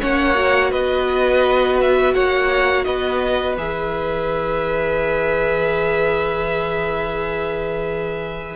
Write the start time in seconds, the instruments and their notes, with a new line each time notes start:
0.00 cello A#3, viola C#4, violin C#5 F#5
0.35 viola F#4
0.71 cello B3, violin B4 D#5
1.80 violin E5
2.14 cello A#3, violin C#5 F#5
2.84 cello B3, violin B4 D#5
3.57 cello E3, viola G#4, violin E5